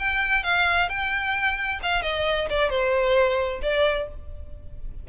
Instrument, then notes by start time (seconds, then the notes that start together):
violin
0.00 G5
0.44 F5
0.89 G5
1.83 F5
2.03 D#5
2.50 D5
2.70 C5
3.63 D5